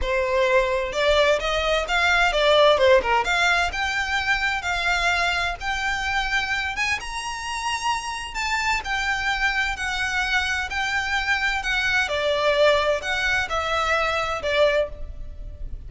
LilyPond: \new Staff \with { instrumentName = "violin" } { \time 4/4 \tempo 4 = 129 c''2 d''4 dis''4 | f''4 d''4 c''8 ais'8 f''4 | g''2 f''2 | g''2~ g''8 gis''8 ais''4~ |
ais''2 a''4 g''4~ | g''4 fis''2 g''4~ | g''4 fis''4 d''2 | fis''4 e''2 d''4 | }